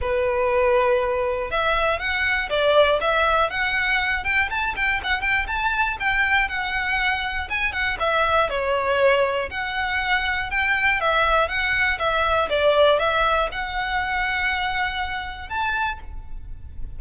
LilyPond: \new Staff \with { instrumentName = "violin" } { \time 4/4 \tempo 4 = 120 b'2. e''4 | fis''4 d''4 e''4 fis''4~ | fis''8 g''8 a''8 g''8 fis''8 g''8 a''4 | g''4 fis''2 gis''8 fis''8 |
e''4 cis''2 fis''4~ | fis''4 g''4 e''4 fis''4 | e''4 d''4 e''4 fis''4~ | fis''2. a''4 | }